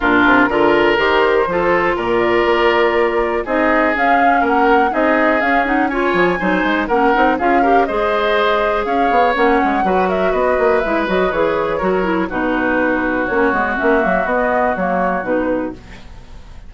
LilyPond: <<
  \new Staff \with { instrumentName = "flute" } { \time 4/4 \tempo 4 = 122 ais'2 c''2 | d''2. dis''4 | f''4 fis''4 dis''4 f''8 fis''8 | gis''2 fis''4 f''4 |
dis''2 f''4 fis''4~ | fis''8 e''8 dis''4 e''8 dis''8 cis''4~ | cis''4 b'2 cis''4 | e''4 dis''4 cis''4 b'4 | }
  \new Staff \with { instrumentName = "oboe" } { \time 4/4 f'4 ais'2 a'4 | ais'2. gis'4~ | gis'4 ais'4 gis'2 | cis''4 c''4 ais'4 gis'8 ais'8 |
c''2 cis''2 | b'8 ais'8 b'2. | ais'4 fis'2.~ | fis'1 | }
  \new Staff \with { instrumentName = "clarinet" } { \time 4/4 d'4 f'4 g'4 f'4~ | f'2. dis'4 | cis'2 dis'4 cis'8 dis'8 | f'4 dis'4 cis'8 dis'8 f'8 g'8 |
gis'2. cis'4 | fis'2 e'8 fis'8 gis'4 | fis'8 e'8 dis'2 cis'8 b8 | cis'8 ais8 b4 ais4 dis'4 | }
  \new Staff \with { instrumentName = "bassoon" } { \time 4/4 ais,8 c8 d4 dis4 f4 | ais,4 ais2 c'4 | cis'4 ais4 c'4 cis'4~ | cis'8 f8 fis8 gis8 ais8 c'8 cis'4 |
gis2 cis'8 b8 ais8 gis8 | fis4 b8 ais8 gis8 fis8 e4 | fis4 b,2 ais8 gis8 | ais8 fis8 b4 fis4 b,4 | }
>>